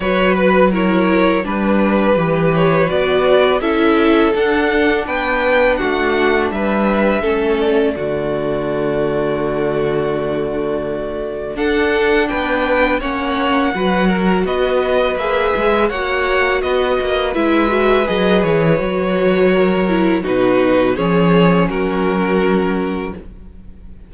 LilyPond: <<
  \new Staff \with { instrumentName = "violin" } { \time 4/4 \tempo 4 = 83 cis''8 b'8 cis''4 b'4. cis''8 | d''4 e''4 fis''4 g''4 | fis''4 e''4. d''4.~ | d''1 |
fis''4 g''4 fis''2 | dis''4 e''4 fis''4 dis''4 | e''4 dis''8 cis''2~ cis''8 | b'4 cis''4 ais'2 | }
  \new Staff \with { instrumentName = "violin" } { \time 4/4 b'4 ais'4 b'2~ | b'4 a'2 b'4 | fis'4 b'4 a'4 fis'4~ | fis'1 |
a'4 b'4 cis''4 b'8 ais'8 | b'2 cis''4 b'4~ | b'2. ais'4 | fis'4 gis'4 fis'2 | }
  \new Staff \with { instrumentName = "viola" } { \time 4/4 fis'4 e'4 d'4 g'4 | fis'4 e'4 d'2~ | d'2 cis'4 a4~ | a1 |
d'2 cis'4 fis'4~ | fis'4 gis'4 fis'2 | e'8 fis'8 gis'4 fis'4. e'8 | dis'4 cis'2. | }
  \new Staff \with { instrumentName = "cello" } { \time 4/4 fis2 g4 e4 | b4 cis'4 d'4 b4 | a4 g4 a4 d4~ | d1 |
d'4 b4 ais4 fis4 | b4 ais8 gis8 ais4 b8 ais8 | gis4 fis8 e8 fis2 | b,4 f4 fis2 | }
>>